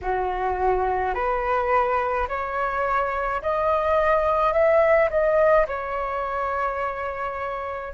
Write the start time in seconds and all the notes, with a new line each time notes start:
0.01 F#4
1.14 B4
2.28 C#5
3.42 D#5
4.52 E5
5.09 D#5
5.67 C#5